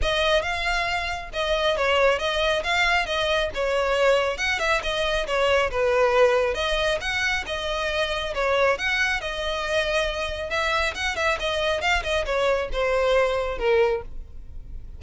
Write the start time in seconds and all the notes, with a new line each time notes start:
0.02 D#5
0.42 F5
1.33 D#5
1.76 C#5
2.19 D#5
2.63 F5
3.06 D#5
3.54 C#5
4.37 F#5
4.59 E5
4.82 D#5
5.26 C#5
5.70 B4
6.54 D#5
7.00 F#5
7.46 D#5
8.34 C#5
8.78 F#5
9.20 D#5
10.50 E5
10.94 F#5
11.16 E5
11.39 D#5
11.81 F5
12.03 D#5
12.25 C#5
12.72 C5
13.58 A#4